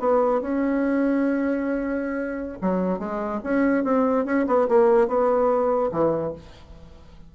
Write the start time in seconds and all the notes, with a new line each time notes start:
0.00 B3
0.41 C#4
2.61 F#3
2.99 G#3
3.44 C#4
3.84 C4
4.25 C#4
4.47 B3
4.69 A#3
5.08 B3
5.92 E3